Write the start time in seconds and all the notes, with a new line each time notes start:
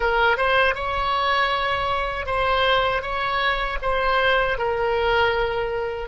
0.00 A#4
0.37 C5
0.74 C#5
2.26 C5
3.02 C#5
3.81 C5
4.58 A#4